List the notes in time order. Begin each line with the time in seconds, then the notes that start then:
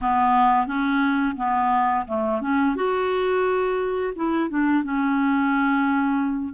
0.01 B3
0.66 C#4
1.36 B3
2.07 A3
2.41 C#4
2.75 F#4
4.15 E4
4.49 D4
4.83 C#4